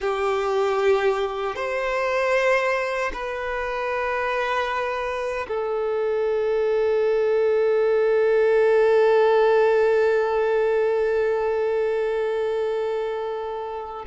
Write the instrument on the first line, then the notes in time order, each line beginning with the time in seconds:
violin
0.00 G4
1.55 C5
3.13 B4
5.48 A4